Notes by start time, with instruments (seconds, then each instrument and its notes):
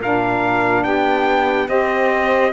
0.00 cello A#2, saxophone D4 A#4, trumpet F5
0.83 cello B3, saxophone G4, trumpet G5
1.68 cello C4, saxophone G4 C5, trumpet D#5